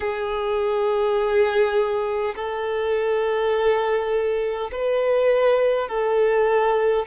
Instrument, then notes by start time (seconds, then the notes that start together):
violin
0.00 G#4
2.35 A4
4.71 B4
5.88 A4